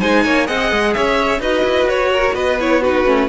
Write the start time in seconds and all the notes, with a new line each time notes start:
0.00 G#3 D#4 C5 G#5
0.24 A#3 C#5
0.46 C4 G#4 D#5 F#5
0.72 G#3
0.94 C#4 C#5 E5
1.40 D#4 F#4 B4 D#5
1.64 E4
1.84 F#4 C#5
2.13 A#4
2.35 B3 B4 D#5
2.60 E4 C#5
2.81 D#4 F#4 B4
3.05 A3 C#4